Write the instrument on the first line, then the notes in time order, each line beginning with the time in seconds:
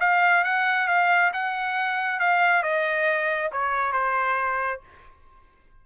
trumpet
0.00 F5
0.44 F#5
0.88 F5
1.33 F#5
2.19 F5
2.62 D#5
3.52 C#5
3.92 C5